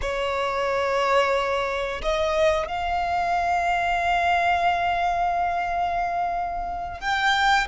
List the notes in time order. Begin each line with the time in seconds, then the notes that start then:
0.01 C#5
2.02 D#5
2.67 F5
7.00 G5